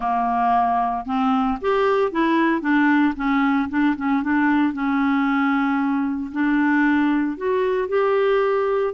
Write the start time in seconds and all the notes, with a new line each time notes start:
0.00 A#3
1.05 C4
1.61 G4
2.11 E4
2.61 D4
3.16 C#4
3.69 D4
3.96 C#4
4.22 D4
4.73 C#4
6.32 D4
7.37 F#4
7.88 G4